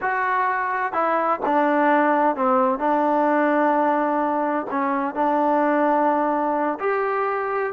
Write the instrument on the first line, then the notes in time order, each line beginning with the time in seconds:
trombone
0.01 F#4
0.92 E4
1.45 D4
2.36 C4
2.78 D4
4.70 C#4
5.14 D4
6.79 G4